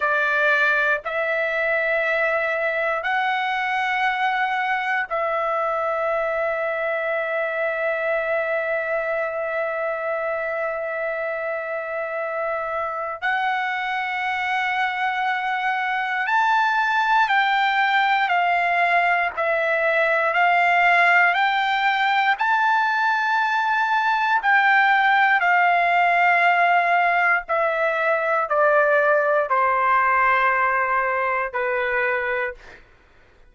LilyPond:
\new Staff \with { instrumentName = "trumpet" } { \time 4/4 \tempo 4 = 59 d''4 e''2 fis''4~ | fis''4 e''2.~ | e''1~ | e''4 fis''2. |
a''4 g''4 f''4 e''4 | f''4 g''4 a''2 | g''4 f''2 e''4 | d''4 c''2 b'4 | }